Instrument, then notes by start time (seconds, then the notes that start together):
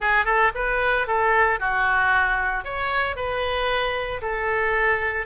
oboe
0.00 G#4
0.25 A4
0.54 B4
1.07 A4
1.59 F#4
2.64 C#5
3.16 B4
4.21 A4